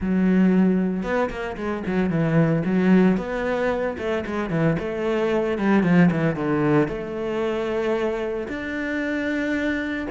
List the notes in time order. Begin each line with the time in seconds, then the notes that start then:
0.00 F#3
1.03 B3
1.30 A#3
1.56 G#3
1.86 F#3
2.09 E3
2.65 F#3
3.17 B3
3.98 A3
4.26 G#3
4.50 E3
4.79 A3
5.58 G3
5.83 F3
6.11 E3
6.35 D3
6.88 A3
8.48 D4